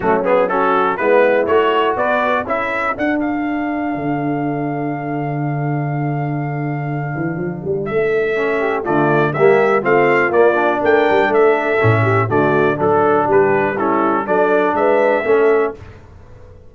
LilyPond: <<
  \new Staff \with { instrumentName = "trumpet" } { \time 4/4 \tempo 4 = 122 fis'8 gis'8 a'4 b'4 cis''4 | d''4 e''4 fis''8 f''4.~ | f''1~ | f''1 |
e''2 d''4 e''4 | f''4 d''4 g''4 e''4~ | e''4 d''4 a'4 b'4 | a'4 d''4 e''2 | }
  \new Staff \with { instrumentName = "horn" } { \time 4/4 cis'4 fis'4 e'2 | b'4 a'2.~ | a'1~ | a'1~ |
a'4. g'8 f'4 g'4 | f'2 ais'4 a'4~ | a'8 g'8 fis'4 a'4 g'4 | e'4 a'4 b'4 a'4 | }
  \new Staff \with { instrumentName = "trombone" } { \time 4/4 a8 b8 cis'4 b4 fis'4~ | fis'4 e'4 d'2~ | d'1~ | d'1~ |
d'4 cis'4 a4 ais4 | c'4 ais8 d'2~ d'8 | cis'4 a4 d'2 | cis'4 d'2 cis'4 | }
  \new Staff \with { instrumentName = "tuba" } { \time 4/4 fis2 gis4 a4 | b4 cis'4 d'2 | d1~ | d2~ d8 e8 f8 g8 |
a2 d4 g4 | a4 ais4 a8 g8 a4 | a,4 d4 fis4 g4~ | g4 fis4 gis4 a4 | }
>>